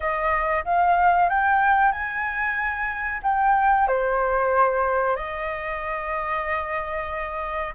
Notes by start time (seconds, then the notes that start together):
0.00 D#5
0.65 F5
1.29 G5
1.91 G#5
3.23 G5
3.87 C5
5.16 D#5